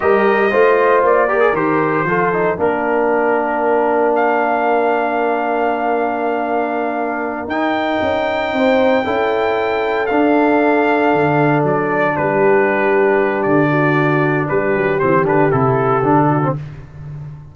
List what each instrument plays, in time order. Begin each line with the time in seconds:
0.00 tuba G3, trombone G4, horn A#4, trumpet D#5
0.50 tuba A3, trombone F4, horn C5
1.03 tuba A#3, trumpet D5
1.27 trombone G4, horn A#4
1.40 trombone G#4
1.52 tuba D#3, trombone G4, trumpet C5
2.04 tuba F3, trombone F4, horn A4
2.33 trombone D#4
2.57 tuba A#3, trombone D4, horn A#4, trumpet A#4
4.15 trumpet F5
7.46 tuba D#4, trombone D#4, trumpet G5
8.01 tuba C#4
8.52 tuba C4, horn C5
9.03 tuba C#4, trombone E4, horn A4
10.06 tuba D4, trombone D4, trumpet F5
11.13 tuba D3
11.63 tuba F#3, trumpet D5
12.16 tuba G3, horn G4, trumpet B4
13.42 tuba D3, trumpet D5
13.70 horn F#4
14.48 tuba G3, horn G4, trumpet B4
14.75 tuba F#3
14.99 tuba E3, trombone C4, trumpet C5
15.24 tuba D3, trombone D4, trumpet B4
15.51 tuba C3, trombone E4, trumpet A4
16.03 tuba D3, trombone D4
16.28 horn F#4
16.42 trombone C4